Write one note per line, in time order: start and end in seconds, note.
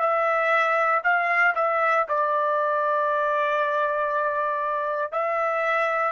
0.00 1.02 E5
1.04 1.55 F5
1.55 2.06 E5
2.08 5.12 D5
5.12 6.12 E5